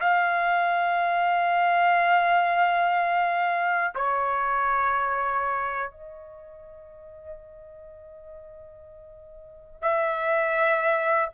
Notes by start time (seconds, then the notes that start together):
0.00 F5
3.94 C#5
5.91 D#5
9.81 E5